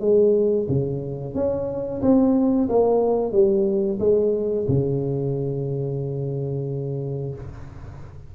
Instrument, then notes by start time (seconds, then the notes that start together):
tuba
0.00 G#3
0.68 C#3
1.35 C#4
2.02 C4
2.69 A#3
3.32 G3
3.99 G#3
4.68 C#3